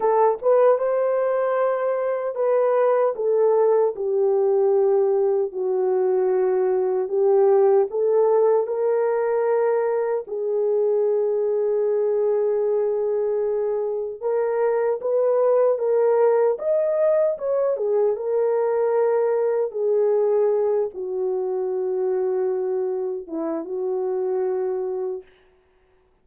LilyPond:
\new Staff \with { instrumentName = "horn" } { \time 4/4 \tempo 4 = 76 a'8 b'8 c''2 b'4 | a'4 g'2 fis'4~ | fis'4 g'4 a'4 ais'4~ | ais'4 gis'2.~ |
gis'2 ais'4 b'4 | ais'4 dis''4 cis''8 gis'8 ais'4~ | ais'4 gis'4. fis'4.~ | fis'4. e'8 fis'2 | }